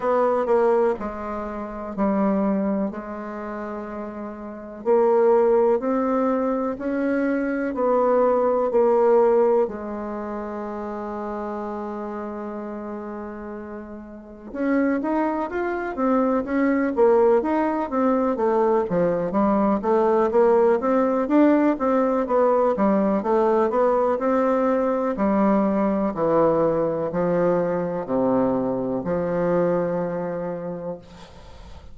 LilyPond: \new Staff \with { instrumentName = "bassoon" } { \time 4/4 \tempo 4 = 62 b8 ais8 gis4 g4 gis4~ | gis4 ais4 c'4 cis'4 | b4 ais4 gis2~ | gis2. cis'8 dis'8 |
f'8 c'8 cis'8 ais8 dis'8 c'8 a8 f8 | g8 a8 ais8 c'8 d'8 c'8 b8 g8 | a8 b8 c'4 g4 e4 | f4 c4 f2 | }